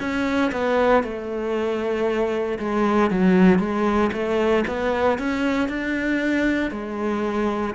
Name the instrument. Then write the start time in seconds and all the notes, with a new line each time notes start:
cello
0.00 C#4
0.52 B3
1.03 A3
2.59 G#3
3.11 F#3
3.59 G#3
4.13 A3
4.68 B3
5.19 C#4
5.69 D4
6.71 G#3